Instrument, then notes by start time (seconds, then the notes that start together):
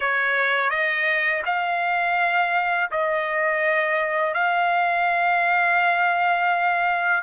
trumpet
0.00 C#5
0.70 D#5
1.45 F5
2.91 D#5
4.34 F5